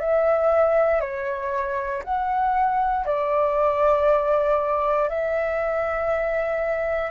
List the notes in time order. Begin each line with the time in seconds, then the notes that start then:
0.00 E5
1.01 C#5
2.04 F#5
3.06 D5
5.09 E5